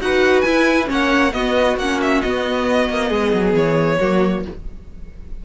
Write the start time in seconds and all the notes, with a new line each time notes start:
0.00 D#4 F#4 B4 F#5
0.42 E4 G#5
0.86 A#3 C#4 C#5
0.92 F#5
1.33 B3 F#4 D#5
1.78 A#3 C#4 F#5
2.02 E5
2.22 B3 D#5
2.90 A#3
3.08 G#3 G#4
3.34 F#3
3.54 E3 C#5
4.00 F#3 A#3 F#4